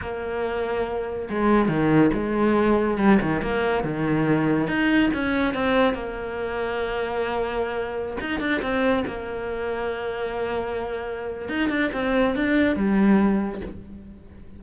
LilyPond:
\new Staff \with { instrumentName = "cello" } { \time 4/4 \tempo 4 = 141 ais2. gis4 | dis4 gis2 g8 dis8 | ais4 dis2 dis'4 | cis'4 c'4 ais2~ |
ais2.~ ais16 dis'8 d'16~ | d'16 c'4 ais2~ ais8.~ | ais2. dis'8 d'8 | c'4 d'4 g2 | }